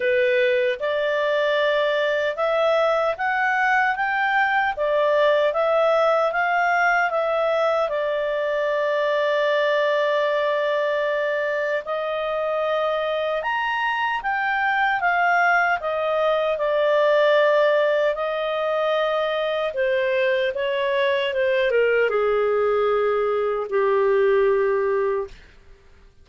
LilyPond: \new Staff \with { instrumentName = "clarinet" } { \time 4/4 \tempo 4 = 76 b'4 d''2 e''4 | fis''4 g''4 d''4 e''4 | f''4 e''4 d''2~ | d''2. dis''4~ |
dis''4 ais''4 g''4 f''4 | dis''4 d''2 dis''4~ | dis''4 c''4 cis''4 c''8 ais'8 | gis'2 g'2 | }